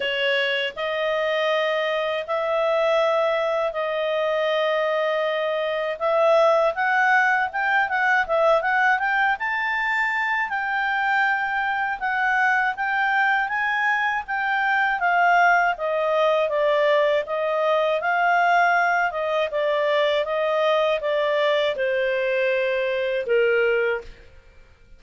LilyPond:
\new Staff \with { instrumentName = "clarinet" } { \time 4/4 \tempo 4 = 80 cis''4 dis''2 e''4~ | e''4 dis''2. | e''4 fis''4 g''8 fis''8 e''8 fis''8 | g''8 a''4. g''2 |
fis''4 g''4 gis''4 g''4 | f''4 dis''4 d''4 dis''4 | f''4. dis''8 d''4 dis''4 | d''4 c''2 ais'4 | }